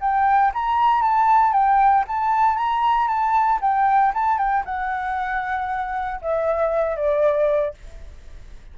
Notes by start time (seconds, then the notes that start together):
0.00 G5
0.54 A#5
1.02 A5
1.53 G5
2.08 A5
2.57 A#5
3.08 A5
3.61 G5
4.14 A5
4.38 G5
4.65 F#5
6.22 E5
6.96 D5